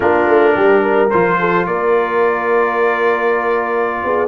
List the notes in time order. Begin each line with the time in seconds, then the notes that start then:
0.00 A#3 D4 F4 A#4
0.27 A3
0.55 G3 G4
0.81 A#4
1.10 F3 F4 C5
1.39 A4
1.66 A#3 A#4 D5
4.03 B3 G#4